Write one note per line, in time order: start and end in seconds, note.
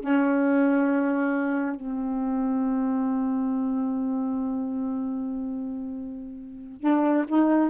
0.00 1.76 C#4
1.76 6.81 C4
6.81 7.25 D4
7.28 7.70 D#4